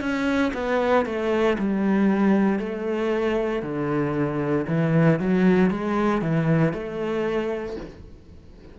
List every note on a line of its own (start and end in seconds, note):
0.00 0.52 C#4
0.53 1.05 B3
1.05 1.57 A3
1.58 2.59 G3
2.59 3.62 A3
3.62 4.66 D3
4.67 5.19 E3
5.19 5.70 F#3
5.70 6.21 G#3
6.21 6.73 E3
6.73 7.76 A3